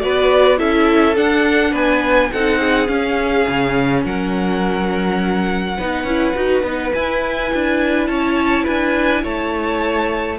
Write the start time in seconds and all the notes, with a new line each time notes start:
0.00 B3 F#4 B4 D5
0.57 C#4 E4 A4 E5
1.15 D4 F#5
1.71 B3 B4 G#5
2.32 C4 D#4 A4 F#5
2.60 G#4
2.87 C#4 F5
3.48 C#3
4.04 F#3 A#4 F#5
5.77 B3 D#4 B4
6.03 C#4 E4
6.35 D#4 F#4
6.62 B3 D#4
6.93 E4 G#5
7.54 D4
8.07 C#4 C#5 A5
8.64 D4 B4 G#5
9.22 A3 C#5 A5